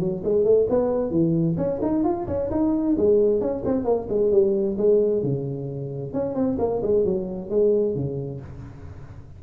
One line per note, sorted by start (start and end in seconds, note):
0.00 0.23 F#3
0.24 0.44 G#3
0.44 0.67 A3
0.70 1.11 B3
1.11 1.56 E3
1.57 1.80 C#4
1.82 2.04 D#4
2.04 2.27 F4
2.27 2.50 C#4
2.51 2.96 D#4
2.98 3.41 G#3
3.41 3.64 C#4
3.65 3.85 C4
3.85 4.07 A#3
4.09 4.32 G#3
4.32 4.77 G3
4.77 5.23 G#3
5.23 6.13 C#3
6.13 6.35 C#4
6.35 6.58 C4
6.59 6.82 A#3
6.82 7.05 G#3
7.05 7.50 F#3
7.50 7.95 G#3
7.95 8.41 C#3